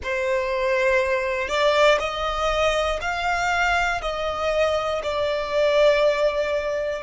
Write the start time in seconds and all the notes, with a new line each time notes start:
0.03 C5
1.48 D5
2.00 D#5
3.00 F5
4.01 D#5
5.03 D5